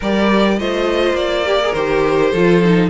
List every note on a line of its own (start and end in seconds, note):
0.00 0.59 G3
0.00 0.59 G4
0.00 0.57 A#4
0.00 0.59 D5
0.59 1.13 A3
0.59 1.45 F4
0.59 1.47 C5
0.59 1.16 D#5
1.13 1.71 A#3
1.13 1.73 D5
1.45 1.60 G4
1.45 2.31 A#4
1.62 1.76 G#4
1.73 2.32 D#3
1.73 2.34 G4
1.73 2.89 C5
2.31 2.89 F3
2.31 2.63 F4
2.31 2.89 A4
2.63 2.89 D#4